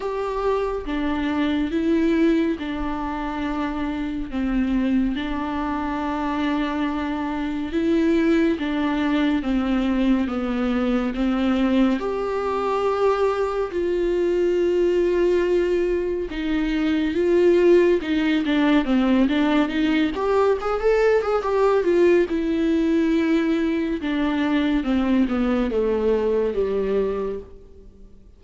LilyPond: \new Staff \with { instrumentName = "viola" } { \time 4/4 \tempo 4 = 70 g'4 d'4 e'4 d'4~ | d'4 c'4 d'2~ | d'4 e'4 d'4 c'4 | b4 c'4 g'2 |
f'2. dis'4 | f'4 dis'8 d'8 c'8 d'8 dis'8 g'8 | gis'16 a'8 gis'16 g'8 f'8 e'2 | d'4 c'8 b8 a4 g4 | }